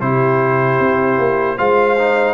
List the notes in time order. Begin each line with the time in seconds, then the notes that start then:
0.00 C3 E4 G4 C5
0.79 C4
1.18 A#3
1.57 G#3 F4 C5 F5
1.98 D#4